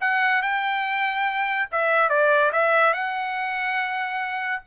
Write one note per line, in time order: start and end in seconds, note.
0.00 0.42 F#5
0.42 1.69 G5
1.71 2.09 E5
2.09 2.51 D5
2.52 2.93 E5
2.93 4.62 F#5